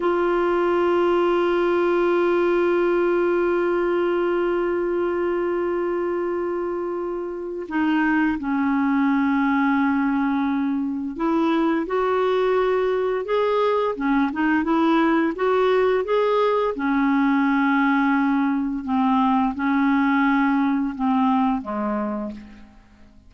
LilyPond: \new Staff \with { instrumentName = "clarinet" } { \time 4/4 \tempo 4 = 86 f'1~ | f'1~ | f'2. dis'4 | cis'1 |
e'4 fis'2 gis'4 | cis'8 dis'8 e'4 fis'4 gis'4 | cis'2. c'4 | cis'2 c'4 gis4 | }